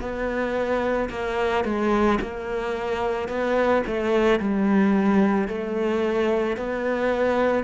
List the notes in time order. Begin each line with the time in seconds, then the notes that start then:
0.00 B3
1.10 A#3
1.64 G#3
2.21 A#3
3.28 B3
3.87 A3
4.40 G3
5.48 A3
6.57 B3